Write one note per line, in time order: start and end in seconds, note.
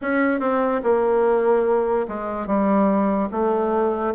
0.01 0.40 C#4
0.40 0.81 C4
0.83 2.06 A#3
2.08 2.46 G#3
2.46 3.28 G3
3.31 4.14 A3